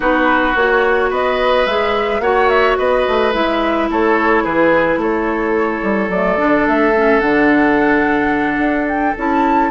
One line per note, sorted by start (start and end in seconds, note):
0.00 0.55 B3
0.00 0.53 D#4
0.00 1.10 F#4
0.00 0.56 B4
0.55 1.10 A#3
0.55 1.67 F#4
0.55 1.11 C#5
1.10 1.66 B3
1.10 2.21 B4
1.10 1.66 D#5
1.66 2.19 G#3
1.66 2.21 G#4
1.66 2.21 E5
2.19 2.75 A#3
2.19 3.32 F#4
2.19 2.78 C#5
2.19 2.49 F#5
2.49 2.77 E5
2.78 3.06 B3
2.78 3.89 B4
2.78 3.33 D#5
3.07 3.34 A3
3.32 3.89 G#3
3.32 6.10 E4
3.32 3.89 E5
3.89 4.44 A3
3.89 4.43 A4
3.89 4.44 C#5
4.43 4.96 E3
4.43 4.99 G#4
4.43 5.00 B4
4.96 5.80 A3
4.96 9.70 A4
4.96 6.10 C#5
5.82 6.08 G3
6.08 6.36 F#3
6.08 6.37 A3
6.08 6.66 D5
6.37 6.67 D3
6.37 6.93 D4
6.67 7.21 A3
6.67 7.20 E5
6.96 7.20 C#4
7.20 8.58 D3
7.20 9.15 D4
7.20 8.86 F#5
8.58 9.14 D4
8.87 9.15 G5
9.17 9.70 C#4
9.17 9.70 E4
9.17 9.70 A5